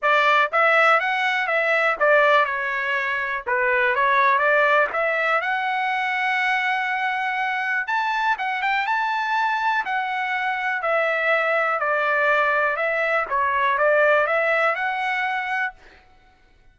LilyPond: \new Staff \with { instrumentName = "trumpet" } { \time 4/4 \tempo 4 = 122 d''4 e''4 fis''4 e''4 | d''4 cis''2 b'4 | cis''4 d''4 e''4 fis''4~ | fis''1 |
a''4 fis''8 g''8 a''2 | fis''2 e''2 | d''2 e''4 cis''4 | d''4 e''4 fis''2 | }